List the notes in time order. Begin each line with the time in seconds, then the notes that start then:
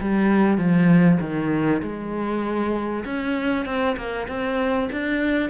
0.00 G3
0.57 F3
1.20 D#3
1.81 G#3
3.04 C#4
3.65 C4
3.96 A#3
4.27 C4
4.91 D4